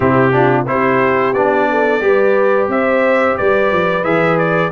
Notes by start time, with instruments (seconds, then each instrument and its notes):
0.00 tuba C3, trombone C4, horn E4, trumpet G4
0.31 trombone D4, horn F4
0.67 tuba C4, trombone E4, horn G4, trumpet C5
1.33 tuba B3, trombone D4, trumpet D5
1.70 horn A4
2.00 tuba G3, trombone G4, horn B4
2.67 tuba C4, horn C5, trumpet E5
3.37 tuba G3, horn B4, trumpet D5
3.72 tuba F3
4.03 tuba E3, trombone G#4, trumpet E5
4.38 trumpet D5